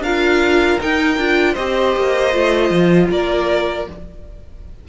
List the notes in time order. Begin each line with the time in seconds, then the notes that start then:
0.00 D4 F4 A#4 F5
0.81 D#4 G5
1.18 D4 F4
1.54 C4 G4 C5 D#5
1.97 A#3
2.33 A3 F4
2.71 F3
3.11 A#3 A#4 D5